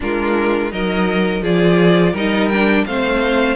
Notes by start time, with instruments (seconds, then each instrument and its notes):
0.00 cello G#3, viola D4, violin F4 A#4
0.71 cello F#3, viola D#4, violin A#4 D#5
1.42 cello F3, viola F4, violin G#4 D5
2.12 cello G3, viola D#4, violin A#4 D#5
2.48 viola D4, violin G5
2.86 cello A3, viola C4, violin C5 F5